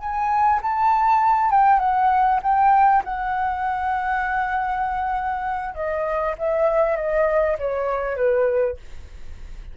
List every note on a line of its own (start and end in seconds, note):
0.00 0.61 G#5
0.63 1.51 A5
1.51 1.80 G5
1.80 2.40 F#5
2.43 3.04 G5
3.05 5.75 F#5
5.75 6.36 D#5
6.39 6.97 E5
6.97 7.58 D#5
7.59 8.17 C#5
8.17 8.77 B4